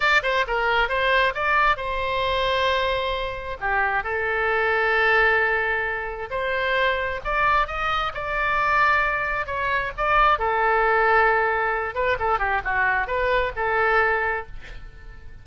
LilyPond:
\new Staff \with { instrumentName = "oboe" } { \time 4/4 \tempo 4 = 133 d''8 c''8 ais'4 c''4 d''4 | c''1 | g'4 a'2.~ | a'2 c''2 |
d''4 dis''4 d''2~ | d''4 cis''4 d''4 a'4~ | a'2~ a'8 b'8 a'8 g'8 | fis'4 b'4 a'2 | }